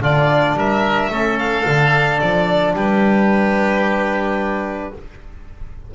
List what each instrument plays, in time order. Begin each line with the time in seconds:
0.00 double bass D3, trombone D4, oboe F4, violin D5
0.54 double bass G3, oboe A#4, violin E5
1.10 double bass A3, trombone C#4, oboe A4
1.38 violin F5
1.66 double bass D3, trombone D4
2.19 double bass F3, violin D5
2.73 double bass G3, oboe G4, violin B4